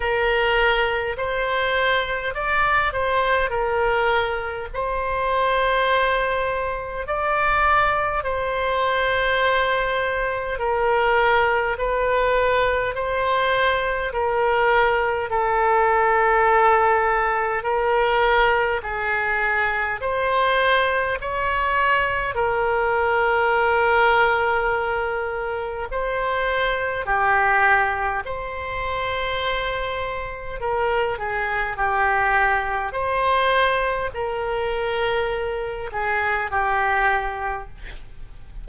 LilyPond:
\new Staff \with { instrumentName = "oboe" } { \time 4/4 \tempo 4 = 51 ais'4 c''4 d''8 c''8 ais'4 | c''2 d''4 c''4~ | c''4 ais'4 b'4 c''4 | ais'4 a'2 ais'4 |
gis'4 c''4 cis''4 ais'4~ | ais'2 c''4 g'4 | c''2 ais'8 gis'8 g'4 | c''4 ais'4. gis'8 g'4 | }